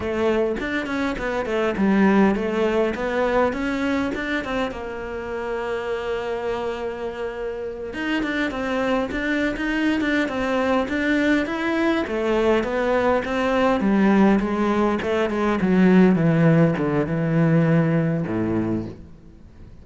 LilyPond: \new Staff \with { instrumentName = "cello" } { \time 4/4 \tempo 4 = 102 a4 d'8 cis'8 b8 a8 g4 | a4 b4 cis'4 d'8 c'8 | ais1~ | ais4. dis'8 d'8 c'4 d'8~ |
d'16 dis'8. d'8 c'4 d'4 e'8~ | e'8 a4 b4 c'4 g8~ | g8 gis4 a8 gis8 fis4 e8~ | e8 d8 e2 a,4 | }